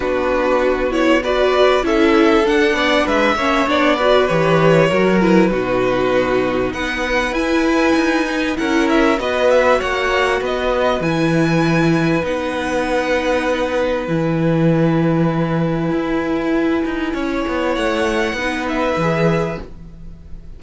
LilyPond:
<<
  \new Staff \with { instrumentName = "violin" } { \time 4/4 \tempo 4 = 98 b'4. cis''8 d''4 e''4 | fis''4 e''4 d''4 cis''4~ | cis''8 b'2~ b'8 fis''4 | gis''2 fis''8 e''8 dis''8 e''8 |
fis''4 dis''4 gis''2 | fis''2. gis''4~ | gis''1~ | gis''4 fis''4. e''4. | }
  \new Staff \with { instrumentName = "violin" } { \time 4/4 fis'2 b'4 a'4~ | a'8 d''8 b'8 cis''4 b'4. | ais'4 fis'2 b'4~ | b'2 ais'4 b'4 |
cis''4 b'2.~ | b'1~ | b'1 | cis''2 b'2 | }
  \new Staff \with { instrumentName = "viola" } { \time 4/4 d'4. e'8 fis'4 e'4 | d'4. cis'8 d'8 fis'8 g'4 | fis'8 e'8 dis'2. | e'4. dis'8 e'4 fis'4~ |
fis'2 e'2 | dis'2. e'4~ | e'1~ | e'2 dis'4 gis'4 | }
  \new Staff \with { instrumentName = "cello" } { \time 4/4 b2. cis'4 | d'8 b8 gis8 ais8 b4 e4 | fis4 b,2 b4 | e'4 dis'4 cis'4 b4 |
ais4 b4 e2 | b2. e4~ | e2 e'4. dis'8 | cis'8 b8 a4 b4 e4 | }
>>